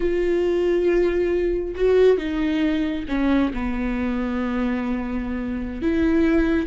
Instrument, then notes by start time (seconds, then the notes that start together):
viola
0.00 F4
1.75 F#4
2.17 D#4
3.08 C#4
3.53 B3
5.82 E4